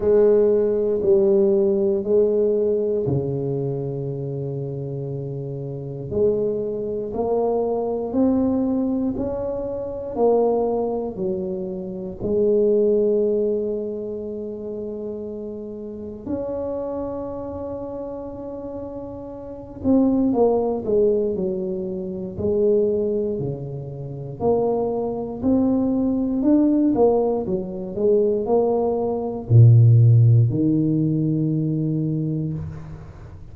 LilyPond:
\new Staff \with { instrumentName = "tuba" } { \time 4/4 \tempo 4 = 59 gis4 g4 gis4 cis4~ | cis2 gis4 ais4 | c'4 cis'4 ais4 fis4 | gis1 |
cis'2.~ cis'8 c'8 | ais8 gis8 fis4 gis4 cis4 | ais4 c'4 d'8 ais8 fis8 gis8 | ais4 ais,4 dis2 | }